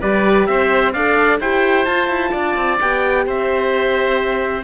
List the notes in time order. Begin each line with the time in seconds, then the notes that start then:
0.00 G3 G4 B4 D5
0.46 C4 C5 E5
0.92 D4 A4 D5 F5
1.40 E4 G4 C5 G5
1.85 F4 A5
2.08 E4
2.31 D4 D5
2.56 C4
2.80 B3 G4 G5
3.26 C4 C5 E5